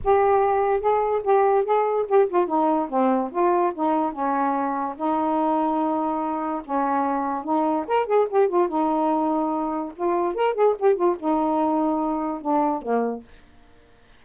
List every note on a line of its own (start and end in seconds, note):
0.04 0.80 G4
0.80 1.21 G#4
1.23 1.64 G4
1.64 2.06 G#4
2.08 2.29 G4
2.29 2.47 F4
2.47 2.88 D#4
2.89 3.30 C4
3.31 3.73 F4
3.74 4.12 D#4
4.12 4.95 C#4
4.96 6.62 D#4
6.65 7.44 C#4
7.44 7.85 D#4
7.87 8.06 A#4
8.06 8.27 G#4
8.30 8.48 G4
8.48 8.68 F4
8.68 9.92 D#4
9.96 10.34 F4
10.34 10.54 A#4
10.54 10.75 G#4
10.79 10.95 G4
10.95 11.16 F4
11.19 12.41 D#4
12.41 12.82 D4
12.82 13.23 A#3